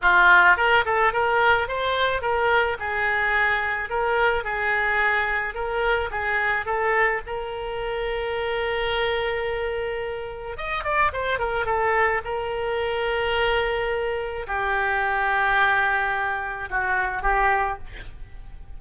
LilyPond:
\new Staff \with { instrumentName = "oboe" } { \time 4/4 \tempo 4 = 108 f'4 ais'8 a'8 ais'4 c''4 | ais'4 gis'2 ais'4 | gis'2 ais'4 gis'4 | a'4 ais'2.~ |
ais'2. dis''8 d''8 | c''8 ais'8 a'4 ais'2~ | ais'2 g'2~ | g'2 fis'4 g'4 | }